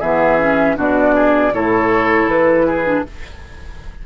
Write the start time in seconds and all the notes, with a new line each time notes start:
0.00 E3 B3 G#4 E5
0.39 C#4
0.76 B2 D4 F#4 D5
1.15 G#4
1.53 A2 E4 A4 C#5
2.27 E3 B4
2.67 G#4
2.85 D4